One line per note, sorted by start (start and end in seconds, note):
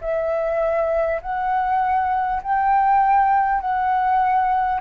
0.00 1.20 E5
1.21 2.41 F#5
2.42 3.60 G5
3.60 4.80 F#5